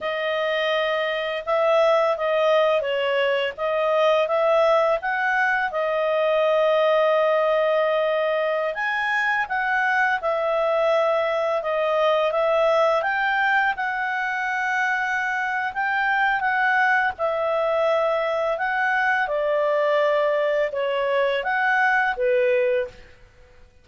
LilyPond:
\new Staff \with { instrumentName = "clarinet" } { \time 4/4 \tempo 4 = 84 dis''2 e''4 dis''4 | cis''4 dis''4 e''4 fis''4 | dis''1~ | dis''16 gis''4 fis''4 e''4.~ e''16~ |
e''16 dis''4 e''4 g''4 fis''8.~ | fis''2 g''4 fis''4 | e''2 fis''4 d''4~ | d''4 cis''4 fis''4 b'4 | }